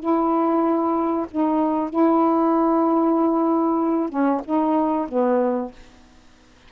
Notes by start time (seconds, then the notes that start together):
0.00 E4
1.31 D#4
1.90 E4
4.09 C#4
4.44 D#4
5.08 B3